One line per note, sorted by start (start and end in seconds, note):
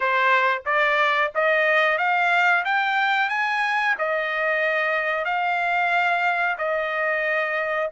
0.00 0.62 C5
0.65 1.31 D5
1.34 1.98 D#5
1.98 2.63 F5
2.65 3.29 G5
3.29 3.95 G#5
3.98 5.24 D#5
5.24 6.56 F5
6.58 7.89 D#5